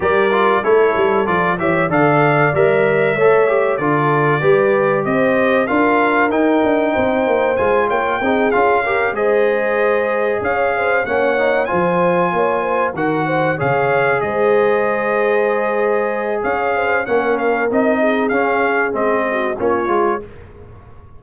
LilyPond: <<
  \new Staff \with { instrumentName = "trumpet" } { \time 4/4 \tempo 4 = 95 d''4 cis''4 d''8 e''8 f''4 | e''2 d''2 | dis''4 f''4 g''2 | gis''8 g''4 f''4 dis''4.~ |
dis''8 f''4 fis''4 gis''4.~ | gis''8 fis''4 f''4 dis''4.~ | dis''2 f''4 fis''8 f''8 | dis''4 f''4 dis''4 cis''4 | }
  \new Staff \with { instrumentName = "horn" } { \time 4/4 ais'4 a'4. cis''8 d''4~ | d''4 cis''4 a'4 b'4 | c''4 ais'2 c''4~ | c''8 cis''8 gis'4 ais'8 c''4.~ |
c''8 cis''8 c''8 cis''4 c''4 cis''8 | c''8 ais'8 c''8 cis''4 c''4.~ | c''2 cis''8 c''8 ais'4~ | ais'8 gis'2 fis'8 f'4 | }
  \new Staff \with { instrumentName = "trombone" } { \time 4/4 g'8 f'8 e'4 f'8 g'8 a'4 | ais'4 a'8 g'8 f'4 g'4~ | g'4 f'4 dis'2 | f'4 dis'8 f'8 g'8 gis'4.~ |
gis'4. cis'8 dis'8 f'4.~ | f'8 fis'4 gis'2~ gis'8~ | gis'2. cis'4 | dis'4 cis'4 c'4 cis'8 f'8 | }
  \new Staff \with { instrumentName = "tuba" } { \time 4/4 g4 a8 g8 f8 e8 d4 | g4 a4 d4 g4 | c'4 d'4 dis'8 d'8 c'8 ais8 | gis8 ais8 c'8 cis'4 gis4.~ |
gis8 cis'4 ais4 f4 ais8~ | ais8 dis4 cis4 gis4.~ | gis2 cis'4 ais4 | c'4 cis'4 gis4 ais8 gis8 | }
>>